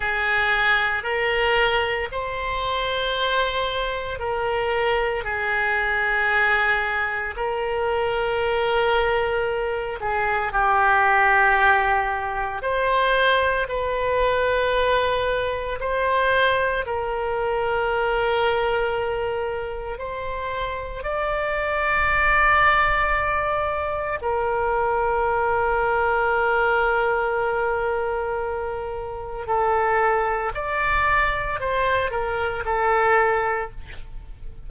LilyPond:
\new Staff \with { instrumentName = "oboe" } { \time 4/4 \tempo 4 = 57 gis'4 ais'4 c''2 | ais'4 gis'2 ais'4~ | ais'4. gis'8 g'2 | c''4 b'2 c''4 |
ais'2. c''4 | d''2. ais'4~ | ais'1 | a'4 d''4 c''8 ais'8 a'4 | }